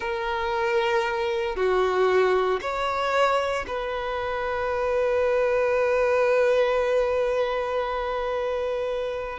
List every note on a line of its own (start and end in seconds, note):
0.00 1.55 A#4
1.55 2.60 F#4
2.61 3.65 C#5
3.67 9.39 B4